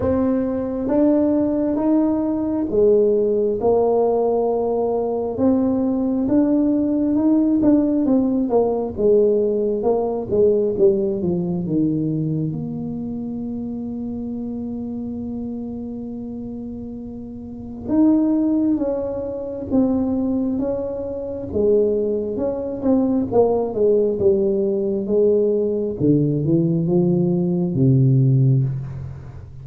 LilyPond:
\new Staff \with { instrumentName = "tuba" } { \time 4/4 \tempo 4 = 67 c'4 d'4 dis'4 gis4 | ais2 c'4 d'4 | dis'8 d'8 c'8 ais8 gis4 ais8 gis8 | g8 f8 dis4 ais2~ |
ais1 | dis'4 cis'4 c'4 cis'4 | gis4 cis'8 c'8 ais8 gis8 g4 | gis4 d8 e8 f4 c4 | }